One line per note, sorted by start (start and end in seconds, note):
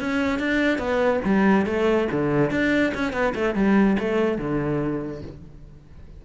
0.00 0.39 C#4
0.39 0.78 D4
0.78 1.20 B3
1.25 1.66 G3
1.66 2.08 A3
2.11 2.51 D3
2.51 2.93 D4
2.94 3.13 C#4
3.13 3.34 B3
3.35 3.55 A3
3.55 3.97 G3
3.99 4.38 A3
4.38 5.22 D3